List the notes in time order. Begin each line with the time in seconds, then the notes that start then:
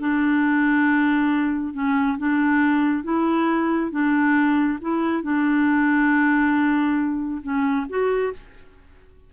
0.00 D4
1.74 C#4
2.19 D4
3.04 E4
3.92 D4
4.82 E4
5.23 D4
7.43 C#4
7.90 F#4